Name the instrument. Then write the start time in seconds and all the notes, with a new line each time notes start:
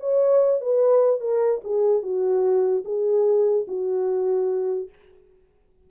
horn
0.00 C#5
0.61 B4
1.21 A#4
1.64 G#4
2.03 F#4
2.85 G#4
3.67 F#4